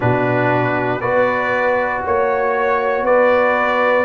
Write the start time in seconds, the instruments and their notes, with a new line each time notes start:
0.00 tuba B2, trombone D4, horn F#4, trumpet B4
1.00 tuba B3, trombone F#4, horn B4, trumpet D5
2.04 tuba A#3, horn C#5, trumpet C#5
3.02 tuba B3, horn B4, trumpet D5